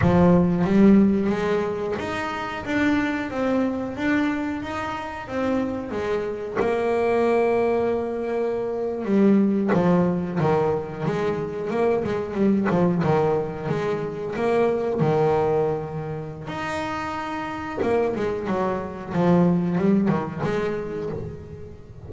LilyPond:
\new Staff \with { instrumentName = "double bass" } { \time 4/4 \tempo 4 = 91 f4 g4 gis4 dis'4 | d'4 c'4 d'4 dis'4 | c'4 gis4 ais2~ | ais4.~ ais16 g4 f4 dis16~ |
dis8. gis4 ais8 gis8 g8 f8 dis16~ | dis8. gis4 ais4 dis4~ dis16~ | dis4 dis'2 ais8 gis8 | fis4 f4 g8 dis8 gis4 | }